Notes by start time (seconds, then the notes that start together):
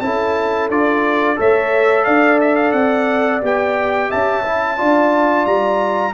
0.00 C#4 E4 A4 A5
0.69 D4 F4 D5
1.36 A3 A4 C#5 E5
2.05 D4 D5 F5
2.41 E5
2.56 F5
2.72 C4 F#5
3.41 B3 G4 G5
4.09 C#4 E5 A5
4.45 E4
4.77 D4 F4 D5
5.46 G3 A#5